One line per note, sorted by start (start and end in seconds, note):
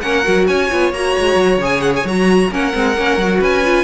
0.00 0.26 A#3
0.00 0.24 C#4
0.00 0.47 A#4
0.00 0.45 F#5
0.24 0.48 F#3
0.24 0.69 F#4
0.47 0.71 C#4
0.47 2.50 C#5
0.47 0.93 G#5
0.71 0.92 B3
0.71 0.93 F4
0.92 1.15 A#3
0.92 1.61 F#4
0.92 1.61 A#5
1.18 1.35 G#3
1.35 1.57 F#3
1.57 2.03 C#3
1.57 2.06 G#4
1.64 1.81 G#5
1.81 1.92 F#5
1.96 2.07 G#5
2.04 2.50 F#3
2.04 2.51 F#4
2.04 2.53 A#5
2.50 2.73 A#3
2.50 2.72 C#4
2.50 3.39 A#4
2.50 3.42 F#5
2.72 2.97 G#3
2.72 2.95 C4
2.97 3.17 A#3
2.97 3.20 C#4
3.17 3.40 F#3
3.17 3.64 F#4
3.39 3.84 C#4
3.39 3.84 B4
3.39 3.84 G#5
3.64 3.84 F4